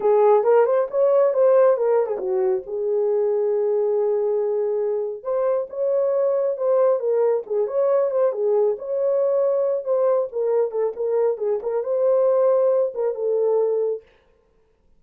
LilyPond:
\new Staff \with { instrumentName = "horn" } { \time 4/4 \tempo 4 = 137 gis'4 ais'8 c''8 cis''4 c''4 | ais'8. gis'16 fis'4 gis'2~ | gis'1 | c''4 cis''2 c''4 |
ais'4 gis'8 cis''4 c''8 gis'4 | cis''2~ cis''8 c''4 ais'8~ | ais'8 a'8 ais'4 gis'8 ais'8 c''4~ | c''4. ais'8 a'2 | }